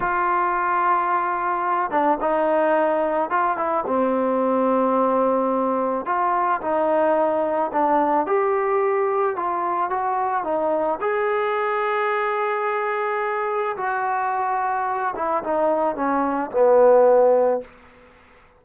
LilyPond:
\new Staff \with { instrumentName = "trombone" } { \time 4/4 \tempo 4 = 109 f'2.~ f'8 d'8 | dis'2 f'8 e'8 c'4~ | c'2. f'4 | dis'2 d'4 g'4~ |
g'4 f'4 fis'4 dis'4 | gis'1~ | gis'4 fis'2~ fis'8 e'8 | dis'4 cis'4 b2 | }